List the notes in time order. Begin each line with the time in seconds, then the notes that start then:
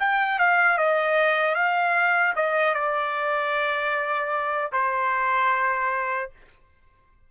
0.00 G5
0.39 F5
0.78 D#5
1.55 F5
2.36 D#5
2.74 D5
4.72 C5